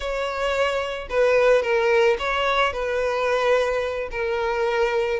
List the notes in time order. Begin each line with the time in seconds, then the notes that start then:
0.00 C#5
1.09 B4
1.62 A#4
2.18 C#5
2.72 B4
4.11 A#4